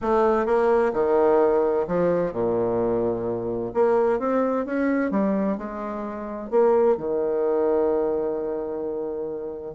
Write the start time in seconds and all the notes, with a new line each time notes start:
0.01 A3
0.46 A#3
0.93 D#3
1.87 F3
2.32 A#2
3.73 A#3
4.19 C4
4.65 C#4
5.11 G3
5.57 G#3
6.50 A#3
6.97 D#3